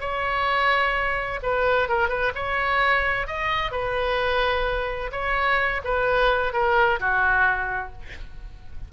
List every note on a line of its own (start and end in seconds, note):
0.00 1.40 C#5
1.42 1.88 B4
1.88 2.08 A#4
2.08 2.32 B4
2.35 3.27 C#5
3.27 3.71 D#5
3.71 5.11 B4
5.11 5.81 C#5
5.84 6.53 B4
6.53 6.99 A#4
7.00 7.93 F#4